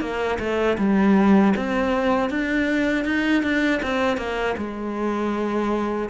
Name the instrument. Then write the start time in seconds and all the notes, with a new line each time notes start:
cello
0.00 A#3
0.39 A3
0.78 G3
1.56 C4
2.30 D4
3.05 D#4
3.43 D4
3.82 C4
4.17 A#3
4.57 G#3